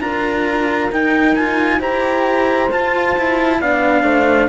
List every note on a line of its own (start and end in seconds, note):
0.00 0.90 D4
0.00 0.90 F4
0.00 1.79 A#4
0.00 0.90 A#5
0.91 1.80 D#4
0.91 1.37 D#4
0.91 1.35 G5
1.35 1.79 F4
1.35 1.80 G#5
1.79 2.70 E4
1.79 2.68 G4
1.79 3.58 C5
1.79 2.71 A#5
2.71 3.60 F4
2.71 3.16 F4
2.71 3.61 A5
3.18 3.62 E4
3.60 4.03 B3
3.60 4.49 D4
3.60 4.04 D5
3.60 4.49 F5
4.03 4.48 A3
4.03 4.49 C5